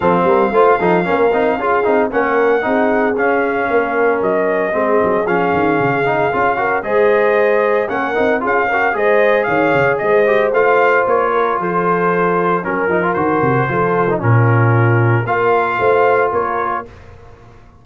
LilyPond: <<
  \new Staff \with { instrumentName = "trumpet" } { \time 4/4 \tempo 4 = 114 f''1 | fis''2 f''2 | dis''2 f''2~ | f''4 dis''2 fis''4 |
f''4 dis''4 f''4 dis''4 | f''4 cis''4 c''2 | ais'4 c''2 ais'4~ | ais'4 f''2 cis''4 | }
  \new Staff \with { instrumentName = "horn" } { \time 4/4 a'8 ais'8 c''8 a'8 ais'4 gis'4 | ais'4 gis'2 ais'4~ | ais'4 gis'2.~ | gis'8 ais'8 c''2 ais'4 |
gis'8 ais'8 c''4 cis''4 c''4~ | c''4. ais'8 a'2 | ais'2 a'4 f'4~ | f'4 ais'4 c''4 ais'4 | }
  \new Staff \with { instrumentName = "trombone" } { \time 4/4 c'4 f'8 dis'8 cis'8 dis'8 f'8 dis'8 | cis'4 dis'4 cis'2~ | cis'4 c'4 cis'4. dis'8 | f'8 fis'8 gis'2 cis'8 dis'8 |
f'8 fis'8 gis'2~ gis'8 g'8 | f'1 | cis'8 dis'16 f'16 fis'4 f'8. dis'16 cis'4~ | cis'4 f'2. | }
  \new Staff \with { instrumentName = "tuba" } { \time 4/4 f8 g8 a8 f8 ais8 c'8 cis'8 c'8 | ais4 c'4 cis'4 ais4 | fis4 gis8 fis8 f8 dis8 cis4 | cis'4 gis2 ais8 c'8 |
cis'4 gis4 dis8 cis8 gis4 | a4 ais4 f2 | fis8 f8 dis8 c8 f4 ais,4~ | ais,4 ais4 a4 ais4 | }
>>